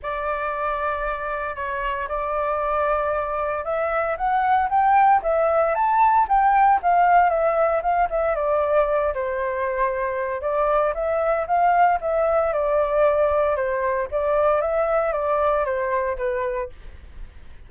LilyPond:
\new Staff \with { instrumentName = "flute" } { \time 4/4 \tempo 4 = 115 d''2. cis''4 | d''2. e''4 | fis''4 g''4 e''4 a''4 | g''4 f''4 e''4 f''8 e''8 |
d''4. c''2~ c''8 | d''4 e''4 f''4 e''4 | d''2 c''4 d''4 | e''4 d''4 c''4 b'4 | }